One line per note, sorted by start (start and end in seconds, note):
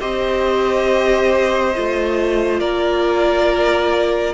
0.00 1.75 C4
0.00 1.74 G4
0.00 2.60 C5
0.00 2.60 D#5
1.75 2.61 A3
1.75 4.34 F4
2.60 4.34 A#3
2.60 4.34 A#4
2.60 4.34 D5